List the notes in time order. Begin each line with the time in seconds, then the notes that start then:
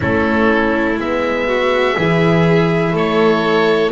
0.00 A3 C#4 E4 A4
0.97 G#3 B3 E5
1.47 F#4
1.95 E3 E4 G#4
2.92 A3 A4 C#5